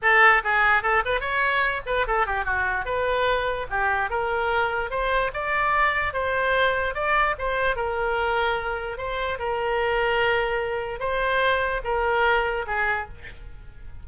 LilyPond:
\new Staff \with { instrumentName = "oboe" } { \time 4/4 \tempo 4 = 147 a'4 gis'4 a'8 b'8 cis''4~ | cis''8 b'8 a'8 g'8 fis'4 b'4~ | b'4 g'4 ais'2 | c''4 d''2 c''4~ |
c''4 d''4 c''4 ais'4~ | ais'2 c''4 ais'4~ | ais'2. c''4~ | c''4 ais'2 gis'4 | }